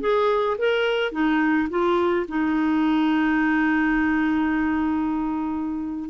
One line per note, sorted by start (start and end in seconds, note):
0.00 0.57 G#4
0.58 1.11 A#4
1.11 1.68 D#4
1.69 2.26 F4
2.28 6.10 D#4